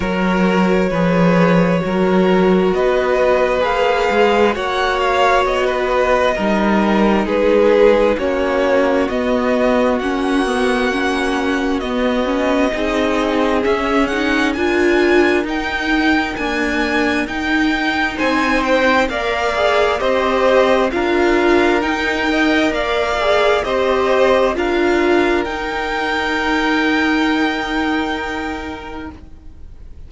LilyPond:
<<
  \new Staff \with { instrumentName = "violin" } { \time 4/4 \tempo 4 = 66 cis''2. dis''4 | f''4 fis''8 f''8 dis''2 | b'4 cis''4 dis''4 fis''4~ | fis''4 dis''2 e''8 fis''8 |
gis''4 g''4 gis''4 g''4 | gis''8 g''8 f''4 dis''4 f''4 | g''4 f''4 dis''4 f''4 | g''1 | }
  \new Staff \with { instrumentName = "violin" } { \time 4/4 ais'4 b'4 ais'4 b'4~ | b'4 cis''4~ cis''16 b'8. ais'4 | gis'4 fis'2.~ | fis'2 gis'2 |
ais'1 | c''4 d''4 c''4 ais'4~ | ais'8 dis''8 d''4 c''4 ais'4~ | ais'1 | }
  \new Staff \with { instrumentName = "viola" } { \time 4/4 fis'4 gis'4 fis'2 | gis'4 fis'2 dis'4~ | dis'4 cis'4 b4 cis'8 b8 | cis'4 b8 cis'8 dis'4 cis'8 dis'8 |
f'4 dis'4 ais4 dis'4~ | dis'4 ais'8 gis'8 g'4 f'4 | dis'8 ais'4 gis'8 g'4 f'4 | dis'1 | }
  \new Staff \with { instrumentName = "cello" } { \time 4/4 fis4 f4 fis4 b4 | ais8 gis8 ais4 b4 g4 | gis4 ais4 b4 ais4~ | ais4 b4 c'4 cis'4 |
d'4 dis'4 d'4 dis'4 | c'4 ais4 c'4 d'4 | dis'4 ais4 c'4 d'4 | dis'1 | }
>>